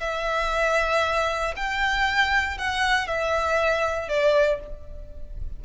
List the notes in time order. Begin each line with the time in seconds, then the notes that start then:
0.00 E5
1.56 G5
2.57 F#5
3.07 E5
4.08 D5